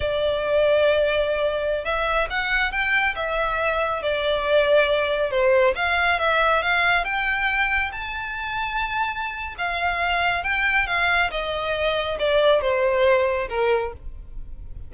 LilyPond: \new Staff \with { instrumentName = "violin" } { \time 4/4 \tempo 4 = 138 d''1~ | d''16 e''4 fis''4 g''4 e''8.~ | e''4~ e''16 d''2~ d''8.~ | d''16 c''4 f''4 e''4 f''8.~ |
f''16 g''2 a''4.~ a''16~ | a''2 f''2 | g''4 f''4 dis''2 | d''4 c''2 ais'4 | }